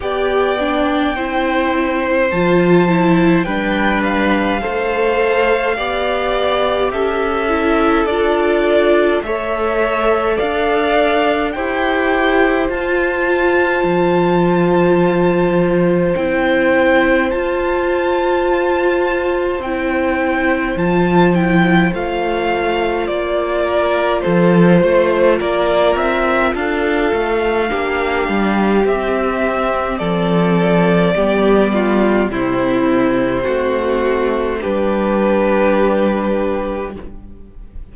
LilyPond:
<<
  \new Staff \with { instrumentName = "violin" } { \time 4/4 \tempo 4 = 52 g''2 a''4 g''8 f''8~ | f''2 e''4 d''4 | e''4 f''4 g''4 a''4~ | a''2 g''4 a''4~ |
a''4 g''4 a''8 g''8 f''4 | d''4 c''4 d''8 e''8 f''4~ | f''4 e''4 d''2 | c''2 b'2 | }
  \new Staff \with { instrumentName = "violin" } { \time 4/4 d''4 c''2 b'4 | c''4 d''4 a'2 | cis''4 d''4 c''2~ | c''1~ |
c''1~ | c''8 ais'8 a'8 c''8 ais'4 a'4 | g'2 a'4 g'8 f'8 | e'4 fis'4 g'2 | }
  \new Staff \with { instrumentName = "viola" } { \time 4/4 g'8 d'8 e'4 f'8 e'8 d'4 | a'4 g'4. e'8 f'4 | a'2 g'4 f'4~ | f'2 e'4 f'4~ |
f'4 e'4 f'8 e'8 f'4~ | f'1 | d'4 c'2 b4 | c'2 d'2 | }
  \new Staff \with { instrumentName = "cello" } { \time 4/4 b4 c'4 f4 g4 | a4 b4 cis'4 d'4 | a4 d'4 e'4 f'4 | f2 c'4 f'4~ |
f'4 c'4 f4 a4 | ais4 f8 a8 ais8 c'8 d'8 a8 | ais8 g8 c'4 f4 g4 | c4 a4 g2 | }
>>